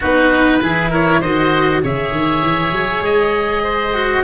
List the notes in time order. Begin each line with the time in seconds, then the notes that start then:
0.00 B3 D#4 F#4 B4
0.60 E3 E4 G#4
0.90 A#4 C#5
1.20 D#3 F#4 C5 D#5
1.82 C#3 G#4 C#5 E5
2.11 D#3
2.42 E3
2.71 F#3
3.01 G#3 D#5
3.63 C5
3.94 F#4